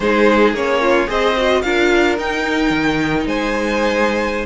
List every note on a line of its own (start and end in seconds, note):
0.00 0.53 G#3
0.00 0.56 D#4
0.00 0.81 G#4
0.00 0.53 C5
0.53 1.07 A#3
0.53 1.07 C#4
0.53 1.09 C#5
0.81 1.08 F4
1.07 1.63 C4
1.07 1.34 G#4
1.07 1.62 C5
1.07 1.62 D#5
1.37 1.64 F#4
1.62 2.17 D4
1.62 2.18 F4
1.62 3.27 A#4
1.62 2.16 F5
2.17 2.70 D#4
2.17 4.45 D#4
2.17 3.27 G5
2.70 3.24 D#3
3.25 4.45 G#3
3.25 4.45 C5
3.25 4.45 G#5